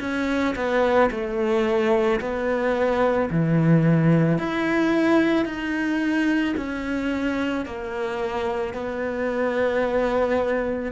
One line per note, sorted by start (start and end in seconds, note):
0.00 0.55 C#4
0.56 1.10 B3
1.11 2.20 A3
2.20 3.29 B3
3.30 4.38 E3
4.38 5.45 E4
5.45 6.54 D#4
6.57 7.65 C#4
7.65 8.74 A#3
8.74 10.92 B3